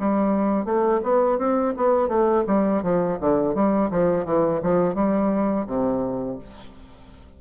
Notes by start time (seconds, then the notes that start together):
0.00 G3
0.65 A3
1.04 B3
1.39 C4
1.77 B3
2.09 A3
2.47 G3
2.83 F3
3.21 D3
3.55 G3
3.91 F3
4.25 E3
4.63 F3
4.95 G3
5.67 C3